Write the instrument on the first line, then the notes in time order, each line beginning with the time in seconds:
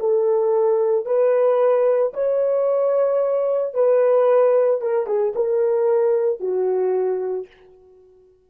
horn
0.00 A4
1.06 B4
2.14 C#5
3.75 B4
4.82 A#4
5.07 G#4
5.36 A#4
6.40 F#4